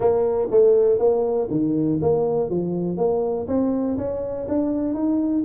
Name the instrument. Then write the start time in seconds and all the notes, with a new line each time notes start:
tuba
0.00 A#3
0.50 A3
0.98 A#3
1.50 D#3
2.01 A#3
2.49 F3
2.97 A#3
3.47 C4
3.97 C#4
4.48 D4
4.94 D#4